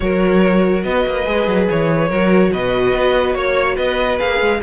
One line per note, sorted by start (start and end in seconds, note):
0.00 0.84 F#3
0.00 1.24 F#4
0.00 0.85 A#4
0.00 0.83 C#5
0.83 1.05 B3
0.83 2.08 B4
0.83 1.67 D#5
1.06 1.26 A#3
1.25 1.47 G#3
1.25 2.09 G#4
1.47 1.67 F#3
1.70 2.10 E3
1.70 2.53 C#5
2.08 2.52 F#3
2.08 4.18 F#4
2.08 2.50 A#4
2.52 2.93 B2
2.52 3.36 B4
2.52 3.34 D#5
2.93 3.35 B3
3.34 3.76 A#3
3.34 3.76 C#5
3.34 3.75 C#5
3.75 4.19 B3
3.75 4.59 B4
3.75 4.19 D#5
4.18 4.41 A#3
4.18 4.60 G#4
4.18 4.61 F5
4.41 4.62 G#3